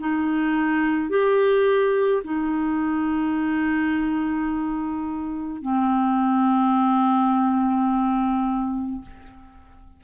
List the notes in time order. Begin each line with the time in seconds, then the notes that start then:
0.00 D#4
1.10 G4
2.24 D#4
5.62 C4